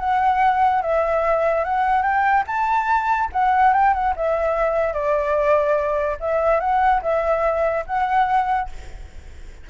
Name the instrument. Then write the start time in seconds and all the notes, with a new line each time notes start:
flute
0.00 F#5
0.83 E5
1.65 F#5
2.03 G5
2.47 A5
3.33 F#5
3.74 G5
3.94 F#5
4.16 E5
4.94 D5
6.21 E5
6.60 F#5
7.02 E5
7.87 F#5